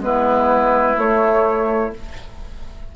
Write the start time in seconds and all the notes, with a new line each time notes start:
0.00 G#3 B3 E4 B4
0.96 A3 C#5